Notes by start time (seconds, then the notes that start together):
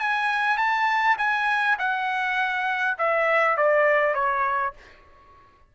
0.00 G#5
0.58 A5
1.18 G#5
1.79 F#5
2.98 E5
3.58 D5
4.14 C#5